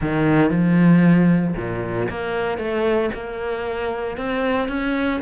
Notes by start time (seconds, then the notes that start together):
0.01 D#3
0.50 F3
1.56 A#2
2.09 A#3
2.58 A3
3.14 A#3
4.17 C4
4.68 C#4